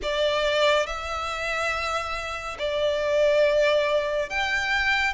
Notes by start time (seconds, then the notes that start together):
0.02 D5
0.86 E5
2.58 D5
4.29 G5